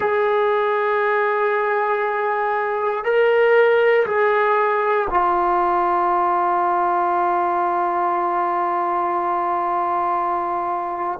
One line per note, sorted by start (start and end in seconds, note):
0.00 3.04 G#4
3.04 4.06 A#4
4.06 5.08 G#4
5.09 11.19 F4